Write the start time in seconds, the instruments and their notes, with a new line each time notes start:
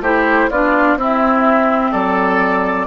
0.00 bassoon A3, clarinet E4, oboe G4, flute C5
0.50 bassoon B3, clarinet D4, oboe F4, flute D5
0.95 bassoon C4, clarinet C4, oboe E4, flute E5
1.91 bassoon F#3, oboe A4, flute D5